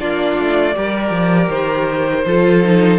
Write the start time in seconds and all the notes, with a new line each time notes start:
0.00 A#3 D4 F4 D5
0.39 A3
0.75 G3 G4 A#4
1.11 F3
1.50 D#3 C5
2.26 F3 F4 A4
2.64 D#4